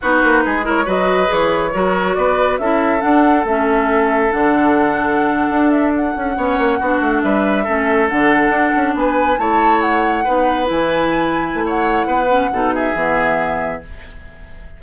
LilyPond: <<
  \new Staff \with { instrumentName = "flute" } { \time 4/4 \tempo 4 = 139 b'4. cis''8 dis''4 cis''4~ | cis''4 d''4 e''4 fis''4 | e''2 fis''2~ | fis''4~ fis''16 e''8 fis''2~ fis''16~ |
fis''8. e''2 fis''4~ fis''16~ | fis''8. gis''4 a''4 fis''4~ fis''16~ | fis''8. gis''2~ gis''16 fis''4~ | fis''4. e''2~ e''8 | }
  \new Staff \with { instrumentName = "oboe" } { \time 4/4 fis'4 gis'8 ais'8 b'2 | ais'4 b'4 a'2~ | a'1~ | a'2~ a'8. cis''4 fis'16~ |
fis'8. b'4 a'2~ a'16~ | a'8. b'4 cis''2 b'16~ | b'2. cis''4 | b'4 a'8 gis'2~ gis'8 | }
  \new Staff \with { instrumentName = "clarinet" } { \time 4/4 dis'4. e'8 fis'4 gis'4 | fis'2 e'4 d'4 | cis'2 d'2~ | d'2~ d'8. cis'4 d'16~ |
d'4.~ d'16 cis'4 d'4~ d'16~ | d'4.~ d'16 e'2 dis'16~ | dis'8. e'2.~ e'16~ | e'8 cis'8 dis'4 b2 | }
  \new Staff \with { instrumentName = "bassoon" } { \time 4/4 b8 ais8 gis4 fis4 e4 | fis4 b4 cis'4 d'4 | a2 d2~ | d8. d'4. cis'8 b8 ais8 b16~ |
b16 a8 g4 a4 d4 d'16~ | d'16 cis'8 b4 a2 b16~ | b8. e2 a4~ a16 | b4 b,4 e2 | }
>>